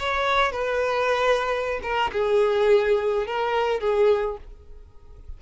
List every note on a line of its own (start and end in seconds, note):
0.00 0.52 C#5
0.52 1.81 B4
1.83 2.12 A#4
2.13 3.27 G#4
3.27 3.81 A#4
3.81 4.38 G#4